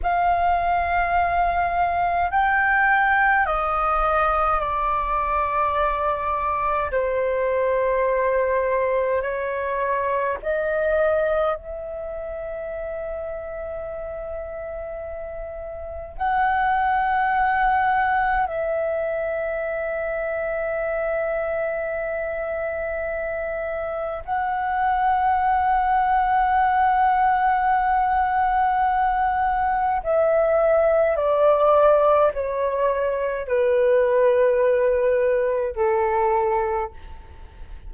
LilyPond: \new Staff \with { instrumentName = "flute" } { \time 4/4 \tempo 4 = 52 f''2 g''4 dis''4 | d''2 c''2 | cis''4 dis''4 e''2~ | e''2 fis''2 |
e''1~ | e''4 fis''2.~ | fis''2 e''4 d''4 | cis''4 b'2 a'4 | }